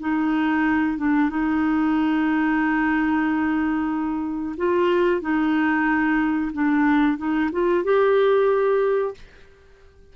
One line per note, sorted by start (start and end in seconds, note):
0.00 0.98 D#4
0.98 1.30 D4
1.30 4.56 D#4
4.57 5.21 F4
5.21 6.52 D#4
6.53 7.18 D4
7.18 7.51 D#4
7.52 7.84 F4
7.84 9.15 G4